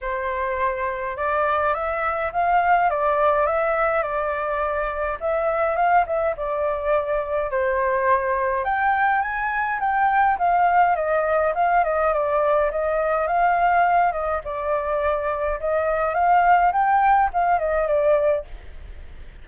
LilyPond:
\new Staff \with { instrumentName = "flute" } { \time 4/4 \tempo 4 = 104 c''2 d''4 e''4 | f''4 d''4 e''4 d''4~ | d''4 e''4 f''8 e''8 d''4~ | d''4 c''2 g''4 |
gis''4 g''4 f''4 dis''4 | f''8 dis''8 d''4 dis''4 f''4~ | f''8 dis''8 d''2 dis''4 | f''4 g''4 f''8 dis''8 d''4 | }